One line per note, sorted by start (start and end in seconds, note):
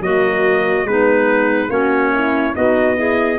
0.00 0.84 F#3
0.00 0.87 A#3
0.00 0.87 F#4
0.00 0.86 D#5
0.84 1.68 G#3
0.84 1.70 B3
0.84 1.69 D#4
0.84 1.70 B4
1.69 2.53 A#3
1.69 2.54 C#4
1.69 2.12 F#4
1.69 2.54 C#5
2.13 2.55 E4
2.54 3.38 B3
2.54 2.95 D#4
2.54 2.96 F#4
2.54 3.38 D#5
2.95 3.37 E4
2.95 3.38 G#4